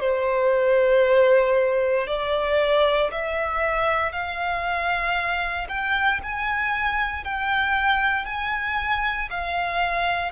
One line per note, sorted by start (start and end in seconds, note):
0.00 2.07 C5
2.07 3.10 D5
3.11 4.12 E5
4.12 5.67 F5
5.68 6.20 G5
6.23 7.24 G#5
7.24 8.25 G5
8.25 9.29 G#5
9.30 10.32 F5